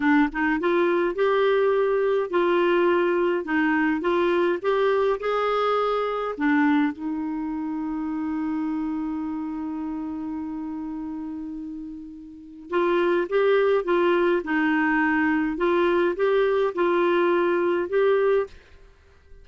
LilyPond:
\new Staff \with { instrumentName = "clarinet" } { \time 4/4 \tempo 4 = 104 d'8 dis'8 f'4 g'2 | f'2 dis'4 f'4 | g'4 gis'2 d'4 | dis'1~ |
dis'1~ | dis'2 f'4 g'4 | f'4 dis'2 f'4 | g'4 f'2 g'4 | }